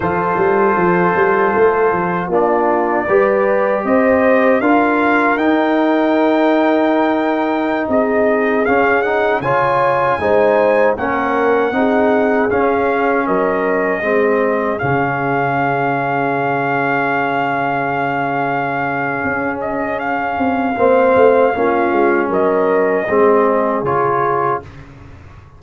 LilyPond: <<
  \new Staff \with { instrumentName = "trumpet" } { \time 4/4 \tempo 4 = 78 c''2. d''4~ | d''4 dis''4 f''4 g''4~ | g''2~ g''16 dis''4 f''8 fis''16~ | fis''16 gis''2 fis''4.~ fis''16~ |
fis''16 f''4 dis''2 f''8.~ | f''1~ | f''4. dis''8 f''2~ | f''4 dis''2 cis''4 | }
  \new Staff \with { instrumentName = "horn" } { \time 4/4 a'2. f'4 | b'4 c''4 ais'2~ | ais'2~ ais'16 gis'4.~ gis'16~ | gis'16 cis''4 c''4 ais'4 gis'8.~ |
gis'4~ gis'16 ais'4 gis'4.~ gis'16~ | gis'1~ | gis'2. c''4 | f'4 ais'4 gis'2 | }
  \new Staff \with { instrumentName = "trombone" } { \time 4/4 f'2. d'4 | g'2 f'4 dis'4~ | dis'2.~ dis'16 cis'8 dis'16~ | dis'16 f'4 dis'4 cis'4 dis'8.~ |
dis'16 cis'2 c'4 cis'8.~ | cis'1~ | cis'2. c'4 | cis'2 c'4 f'4 | }
  \new Staff \with { instrumentName = "tuba" } { \time 4/4 f8 g8 f8 g8 a8 f8 ais4 | g4 c'4 d'4 dis'4~ | dis'2~ dis'16 c'4 cis'8.~ | cis'16 cis4 gis4 ais4 c'8.~ |
c'16 cis'4 fis4 gis4 cis8.~ | cis1~ | cis4 cis'4. c'8 ais8 a8 | ais8 gis8 fis4 gis4 cis4 | }
>>